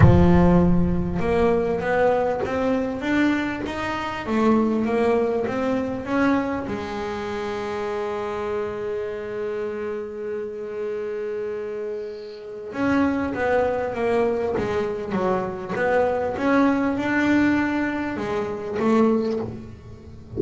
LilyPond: \new Staff \with { instrumentName = "double bass" } { \time 4/4 \tempo 4 = 99 f2 ais4 b4 | c'4 d'4 dis'4 a4 | ais4 c'4 cis'4 gis4~ | gis1~ |
gis1~ | gis4 cis'4 b4 ais4 | gis4 fis4 b4 cis'4 | d'2 gis4 a4 | }